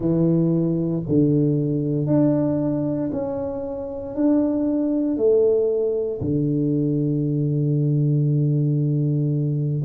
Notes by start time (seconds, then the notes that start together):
0.00 E3
1.08 D3
2.06 D4
3.11 C#4
4.15 D4
5.16 A3
6.21 D3